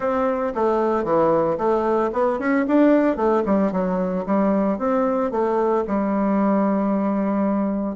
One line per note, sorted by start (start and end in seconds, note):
0.00 0.53 C4
0.54 1.04 A3
1.04 1.57 E3
1.57 2.10 A3
2.12 2.39 B3
2.39 2.65 C#4
2.67 3.16 D4
3.16 3.42 A3
3.45 3.72 G3
3.72 4.25 F#3
4.26 4.78 G3
4.78 5.31 C4
5.31 5.84 A3
5.87 7.96 G3